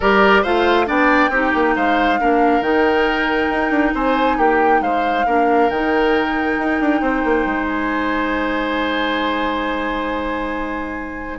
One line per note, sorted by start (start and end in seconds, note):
0.00 0.45 G3
0.00 0.45 G4
0.00 0.42 A#4
0.00 0.44 D5
0.42 0.88 A3
0.42 0.85 F4
0.42 0.86 C5
0.42 0.87 F5
0.85 1.29 B3
0.85 1.29 D4
0.85 1.31 D5
0.85 1.75 G5
1.29 1.51 C4
1.29 2.19 D#4
1.29 1.74 G4
1.54 1.76 A#3
1.75 2.20 G#3
1.75 2.19 C5
1.75 2.62 F5
2.19 2.60 A#3
2.19 2.62 D4
2.19 3.94 A#4
2.60 3.48 D#3
2.60 5.25 D#4
2.60 3.94 G5
3.49 3.70 D#4
3.70 3.92 D4
3.94 4.38 C4
3.94 4.37 C5
3.94 4.39 G#5
4.37 4.80 A#3
4.37 4.80 G4
4.37 4.82 G5
4.80 5.24 G#3
4.80 5.26 C5
4.80 5.70 F5
5.26 5.69 A#3
5.26 5.71 D4
5.26 7.01 A#4
5.69 6.57 D#3
5.69 11.38 D#4
5.69 7.67 G5
6.58 6.80 D#4
6.80 7.01 D4
7.01 7.23 C4
7.01 11.38 C5
7.24 7.45 A#3
7.45 11.38 G#3
7.67 11.38 G#5